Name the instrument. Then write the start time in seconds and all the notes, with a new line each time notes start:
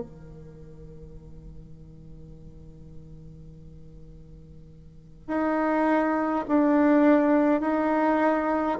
bassoon
0.00 D#3
5.27 D#4
6.48 D4
7.60 D#4